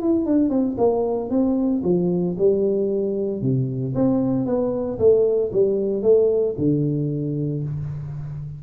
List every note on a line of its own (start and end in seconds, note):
0.00 0.25 E4
0.25 0.49 D4
0.49 0.75 C4
0.77 1.29 A#3
1.29 1.82 C4
1.83 2.36 F3
2.38 3.41 G3
3.41 3.94 C3
3.94 4.45 C4
4.45 4.98 B3
4.98 5.51 A3
5.52 6.02 G3
6.02 6.55 A3
6.57 7.63 D3